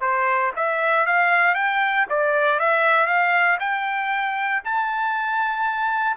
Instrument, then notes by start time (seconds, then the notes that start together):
trumpet
0.00 C5
0.56 E5
1.06 F5
1.54 G5
2.09 D5
2.59 E5
3.06 F5
3.59 G5
4.64 A5